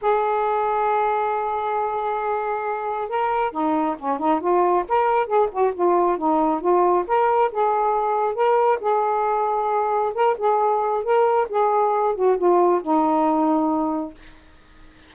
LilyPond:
\new Staff \with { instrumentName = "saxophone" } { \time 4/4 \tempo 4 = 136 gis'1~ | gis'2. ais'4 | dis'4 cis'8 dis'8 f'4 ais'4 | gis'8 fis'8 f'4 dis'4 f'4 |
ais'4 gis'2 ais'4 | gis'2. ais'8 gis'8~ | gis'4 ais'4 gis'4. fis'8 | f'4 dis'2. | }